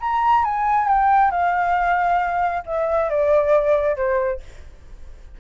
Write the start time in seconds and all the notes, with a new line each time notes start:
0.00 A#5
0.44 G#5
0.88 G5
1.31 F5
2.66 E5
3.10 D5
3.96 C5